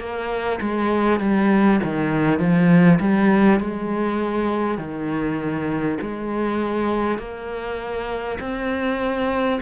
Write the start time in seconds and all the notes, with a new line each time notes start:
0.00 A#3
0.61 G#3
1.20 G3
1.83 D#3
2.39 F3
3.01 G3
3.60 G#3
4.78 D#3
6.01 G#3
7.18 A#3
8.40 C4